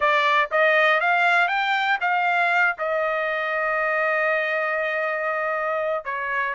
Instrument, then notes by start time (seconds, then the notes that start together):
trumpet
0.00 D5
0.51 D#5
1.00 F5
1.47 G5
2.00 F5
2.78 D#5
6.04 C#5